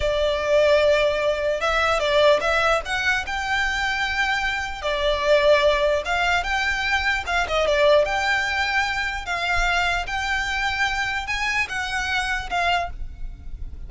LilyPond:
\new Staff \with { instrumentName = "violin" } { \time 4/4 \tempo 4 = 149 d''1 | e''4 d''4 e''4 fis''4 | g''1 | d''2. f''4 |
g''2 f''8 dis''8 d''4 | g''2. f''4~ | f''4 g''2. | gis''4 fis''2 f''4 | }